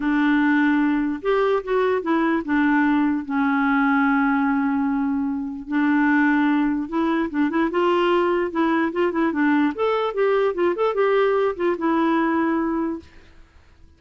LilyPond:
\new Staff \with { instrumentName = "clarinet" } { \time 4/4 \tempo 4 = 148 d'2. g'4 | fis'4 e'4 d'2 | cis'1~ | cis'2 d'2~ |
d'4 e'4 d'8 e'8 f'4~ | f'4 e'4 f'8 e'8 d'4 | a'4 g'4 f'8 a'8 g'4~ | g'8 f'8 e'2. | }